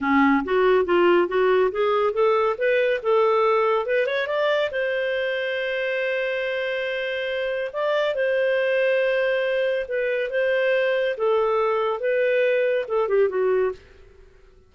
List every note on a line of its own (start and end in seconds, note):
0.00 0.43 C#4
0.44 0.85 F#4
0.85 1.28 F4
1.28 1.70 F#4
1.71 2.13 G#4
2.13 2.56 A4
2.57 3.00 B4
3.02 3.86 A4
3.86 4.06 B4
4.06 4.27 C#5
4.27 4.70 D5
4.71 7.71 C5
7.73 8.14 D5
8.14 9.86 C5
9.87 10.30 B4
10.30 11.15 C5
11.17 12.00 A4
12.00 12.85 B4
12.88 13.08 A4
13.08 13.29 G4
13.29 13.72 F#4